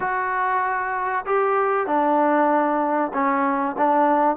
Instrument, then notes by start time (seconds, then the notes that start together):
trombone
0.00 F#4
1.25 G4
1.86 D4
3.13 C#4
3.77 D4